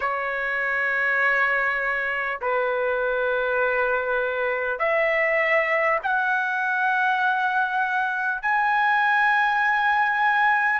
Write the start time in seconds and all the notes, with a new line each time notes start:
0.00 C#5
2.41 B4
4.79 E5
6.03 F#5
8.42 G#5